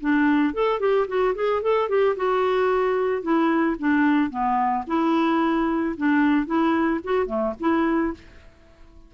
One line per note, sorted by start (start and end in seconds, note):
0.00 0.54 D4
0.54 0.80 A4
0.80 1.07 G4
1.07 1.34 F#4
1.35 1.62 G#4
1.62 1.88 A4
1.88 2.15 G4
2.16 3.22 F#4
3.22 3.76 E4
3.79 4.30 D4
4.30 4.84 B3
4.87 5.95 E4
5.97 6.46 D4
6.46 7.00 E4
7.03 7.26 F#4
7.26 7.53 A3
7.59 8.14 E4